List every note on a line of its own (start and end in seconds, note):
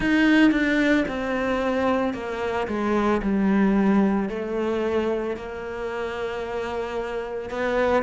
0.00 0.51 D#4
0.51 1.05 D4
1.08 2.13 C4
2.13 2.67 A#3
2.67 3.21 G#3
3.21 4.29 G3
4.29 5.36 A3
5.36 7.50 A#3
7.50 8.03 B3